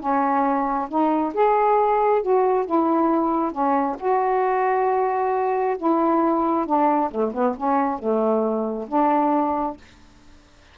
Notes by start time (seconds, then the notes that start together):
0.00 C#4
0.89 D#4
1.34 G#4
2.22 F#4
2.66 E4
3.52 C#4
3.99 F#4
5.78 E4
6.66 D4
7.11 A3
7.34 B3
7.57 C#4
7.99 A3
8.88 D4